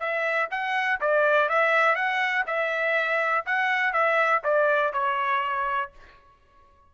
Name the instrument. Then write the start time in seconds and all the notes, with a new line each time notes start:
trumpet
0.00 E5
0.51 F#5
1.01 D5
1.49 E5
1.96 F#5
2.47 E5
3.46 F#5
3.93 E5
4.44 D5
4.93 C#5